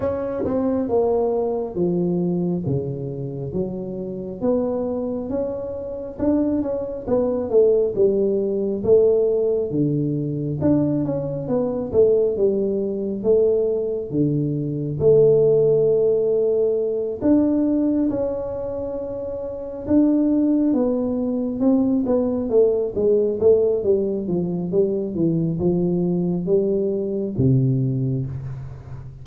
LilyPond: \new Staff \with { instrumentName = "tuba" } { \time 4/4 \tempo 4 = 68 cis'8 c'8 ais4 f4 cis4 | fis4 b4 cis'4 d'8 cis'8 | b8 a8 g4 a4 d4 | d'8 cis'8 b8 a8 g4 a4 |
d4 a2~ a8 d'8~ | d'8 cis'2 d'4 b8~ | b8 c'8 b8 a8 gis8 a8 g8 f8 | g8 e8 f4 g4 c4 | }